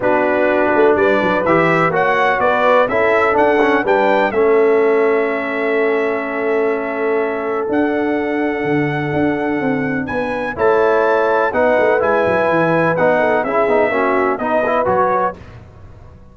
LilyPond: <<
  \new Staff \with { instrumentName = "trumpet" } { \time 4/4 \tempo 4 = 125 b'2 d''4 e''4 | fis''4 d''4 e''4 fis''4 | g''4 e''2.~ | e''1 |
fis''1~ | fis''4 gis''4 a''2 | fis''4 gis''2 fis''4 | e''2 dis''4 cis''4 | }
  \new Staff \with { instrumentName = "horn" } { \time 4/4 fis'2 b'2 | cis''4 b'4 a'2 | b'4 a'2.~ | a'1~ |
a'1~ | a'4 b'4 cis''2 | b'2.~ b'8 a'8 | gis'4 fis'4 b'2 | }
  \new Staff \with { instrumentName = "trombone" } { \time 4/4 d'2. g'4 | fis'2 e'4 d'8 cis'8 | d'4 cis'2.~ | cis'1 |
d'1~ | d'2 e'2 | dis'4 e'2 dis'4 | e'8 dis'8 cis'4 dis'8 e'8 fis'4 | }
  \new Staff \with { instrumentName = "tuba" } { \time 4/4 b4. a8 g8 fis8 e4 | ais4 b4 cis'4 d'4 | g4 a2.~ | a1 |
d'2 d4 d'4 | c'4 b4 a2 | b8 a8 gis8 fis8 e4 b4 | cis'8 b8 ais4 b4 fis4 | }
>>